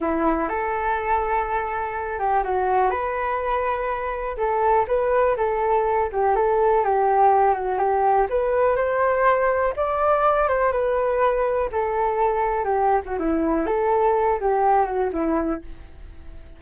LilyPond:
\new Staff \with { instrumentName = "flute" } { \time 4/4 \tempo 4 = 123 e'4 a'2.~ | a'8 g'8 fis'4 b'2~ | b'4 a'4 b'4 a'4~ | a'8 g'8 a'4 g'4. fis'8 |
g'4 b'4 c''2 | d''4. c''8 b'2 | a'2 g'8. fis'16 e'4 | a'4. g'4 fis'8 e'4 | }